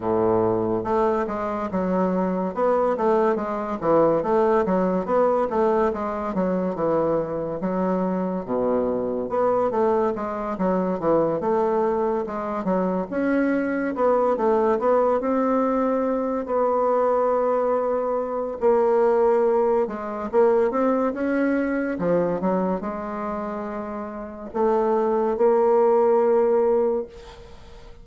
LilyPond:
\new Staff \with { instrumentName = "bassoon" } { \time 4/4 \tempo 4 = 71 a,4 a8 gis8 fis4 b8 a8 | gis8 e8 a8 fis8 b8 a8 gis8 fis8 | e4 fis4 b,4 b8 a8 | gis8 fis8 e8 a4 gis8 fis8 cis'8~ |
cis'8 b8 a8 b8 c'4. b8~ | b2 ais4. gis8 | ais8 c'8 cis'4 f8 fis8 gis4~ | gis4 a4 ais2 | }